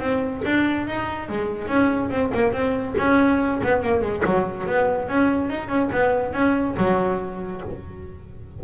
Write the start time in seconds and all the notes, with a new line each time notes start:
0.00 C4
0.45 D4
0.88 D#4
1.29 G#3
1.68 C#4
2.11 C4
2.35 A#3
2.53 C4
2.98 C#4
3.64 B3
3.83 A#3
4.02 G#3
4.25 F#3
4.67 B3
5.09 C#4
5.50 D#4
5.69 C#4
5.93 B3
6.33 C#4
6.77 F#3